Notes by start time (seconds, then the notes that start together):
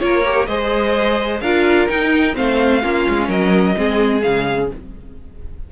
0.00 A#3 F4 A#4 C#5
0.25 G4
0.47 G#3 G#4 C5 D#5
1.41 D4 F4 A#4 F5
1.89 D#4 G5
2.34 A3 C4 C5 F5
2.82 A#3 C#4 F4
3.09 G#3
3.29 F#3 A#4 D#5
3.77 G#3 C4 G#4
4.22 C#3 G#3 F5